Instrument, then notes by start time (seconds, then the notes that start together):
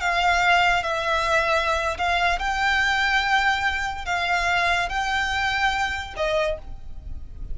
violin
0.00 F5
0.83 E5
1.98 F5
2.39 G5
4.05 F5
4.89 G5
6.16 D#5